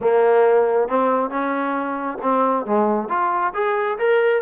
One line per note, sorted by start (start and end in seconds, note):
0.01 0.88 A#3
0.88 1.30 C4
1.30 2.18 C#4
2.22 2.66 C4
2.66 3.09 G#3
3.09 3.53 F4
3.53 3.97 G#4
3.98 4.42 A#4